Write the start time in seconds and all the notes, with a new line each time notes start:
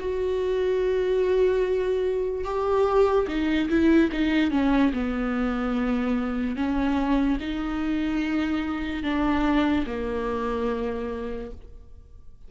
0.00 F#4
2.45 G4
3.28 D#4
3.69 E4
4.12 D#4
4.51 C#4
4.93 B3
6.56 C#4
7.40 D#4
9.03 D4
9.87 A#3